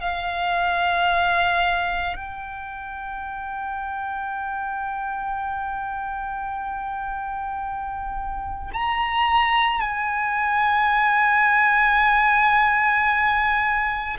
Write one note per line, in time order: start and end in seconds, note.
0.00 2.16 F5
2.16 8.71 G5
8.73 9.80 A#5
9.80 14.17 G#5